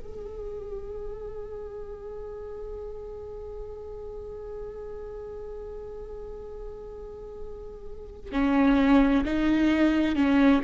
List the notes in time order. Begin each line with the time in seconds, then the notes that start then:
0.00 G#4
8.32 C#4
9.25 D#4
10.15 C#4